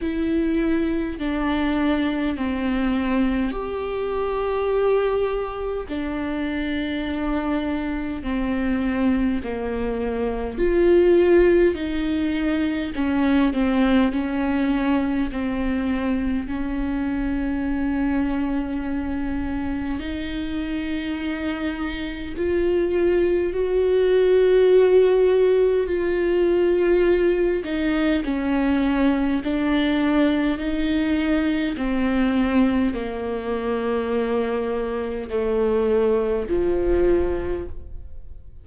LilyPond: \new Staff \with { instrumentName = "viola" } { \time 4/4 \tempo 4 = 51 e'4 d'4 c'4 g'4~ | g'4 d'2 c'4 | ais4 f'4 dis'4 cis'8 c'8 | cis'4 c'4 cis'2~ |
cis'4 dis'2 f'4 | fis'2 f'4. dis'8 | cis'4 d'4 dis'4 c'4 | ais2 a4 f4 | }